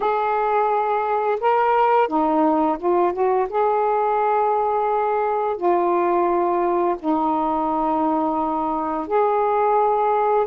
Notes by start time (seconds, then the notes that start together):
0.00 G#4
1.40 A#4
2.07 D#4
2.78 F4
3.12 F#4
3.49 G#4
5.56 F4
6.99 D#4
9.07 G#4